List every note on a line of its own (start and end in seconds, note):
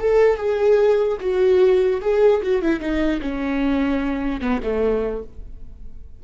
0.00 0.38 A4
0.38 1.18 G#4
1.21 2.01 F#4
2.02 2.42 G#4
2.43 2.62 F#4
2.62 2.81 E4
2.81 3.21 D#4
3.22 4.41 C#4
4.41 4.61 B3
4.63 5.24 A3